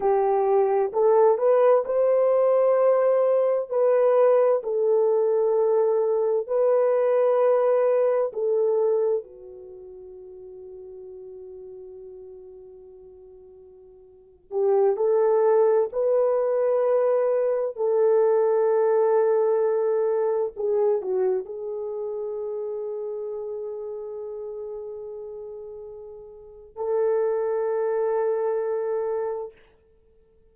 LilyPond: \new Staff \with { instrumentName = "horn" } { \time 4/4 \tempo 4 = 65 g'4 a'8 b'8 c''2 | b'4 a'2 b'4~ | b'4 a'4 fis'2~ | fis'2.~ fis'8. g'16~ |
g'16 a'4 b'2 a'8.~ | a'2~ a'16 gis'8 fis'8 gis'8.~ | gis'1~ | gis'4 a'2. | }